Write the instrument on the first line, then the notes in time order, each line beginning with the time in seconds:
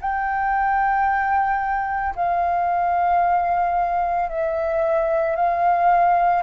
flute
0.00 G5
2.15 F5
4.29 E5
5.36 F5